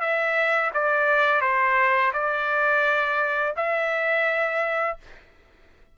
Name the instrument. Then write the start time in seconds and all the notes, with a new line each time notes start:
trumpet
0.00 E5
0.74 D5
1.41 C5
2.13 D5
3.56 E5